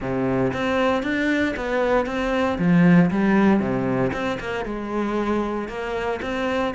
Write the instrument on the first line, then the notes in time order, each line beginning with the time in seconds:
cello
0.00 C3
0.53 C4
1.03 D4
1.56 B3
2.06 C4
2.58 F3
3.10 G3
3.59 C3
4.12 C4
4.40 A#3
4.65 G#3
5.68 A#3
6.22 C4